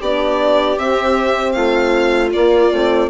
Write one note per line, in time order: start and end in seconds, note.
0.00 0.77 B3
0.00 0.78 D4
0.00 1.54 G4
0.00 0.78 D5
0.78 1.55 C4
0.78 2.32 C4
0.78 1.52 E5
1.52 2.33 A3
1.52 3.10 F4
1.52 2.29 F5
2.33 2.71 A#3
2.33 2.73 A#3
2.33 3.09 D5
2.71 3.10 A3
2.71 3.10 C4